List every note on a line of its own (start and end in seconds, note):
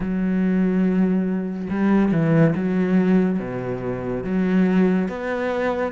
0.00 1.68 F#3
1.69 2.12 G3
2.12 2.54 E3
2.55 3.39 F#3
3.39 4.23 B2
4.24 5.08 F#3
5.08 5.92 B3